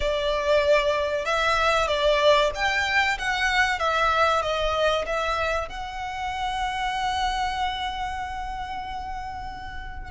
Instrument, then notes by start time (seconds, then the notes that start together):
violin
0.00 D5
1.25 E5
1.87 D5
2.54 G5
3.18 F#5
3.79 E5
4.42 D#5
5.06 E5
5.68 F#5